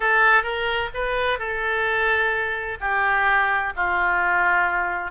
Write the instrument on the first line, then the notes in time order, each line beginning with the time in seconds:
oboe
0.00 A4
0.43 A#4
0.94 B4
1.38 A4
2.80 G4
3.76 F4